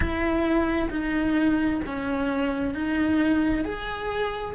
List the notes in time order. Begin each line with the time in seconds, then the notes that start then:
0.00 E4
0.90 D#4
1.86 C#4
2.74 D#4
3.64 G#4